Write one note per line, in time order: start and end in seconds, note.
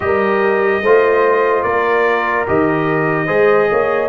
0.00 0.81 G3
0.00 0.82 G4
0.00 0.83 A#4
0.00 1.62 D#5
0.81 1.63 A3
0.81 2.47 F4
0.81 1.65 C5
1.62 2.46 A#3
1.62 3.26 A#4
1.62 2.45 D5
2.47 3.29 D#3
2.47 3.27 G4
2.47 4.09 D#5
3.26 3.70 G#3
3.26 4.09 G#4
3.26 3.67 C5
3.70 4.09 A#3
3.70 4.09 C#5